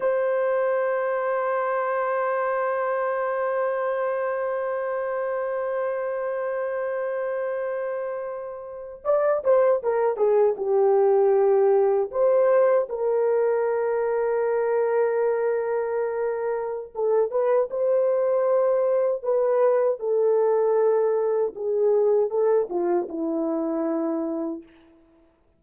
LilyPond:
\new Staff \with { instrumentName = "horn" } { \time 4/4 \tempo 4 = 78 c''1~ | c''1~ | c''2.~ c''8. d''16~ | d''16 c''8 ais'8 gis'8 g'2 c''16~ |
c''8. ais'2.~ ais'16~ | ais'2 a'8 b'8 c''4~ | c''4 b'4 a'2 | gis'4 a'8 f'8 e'2 | }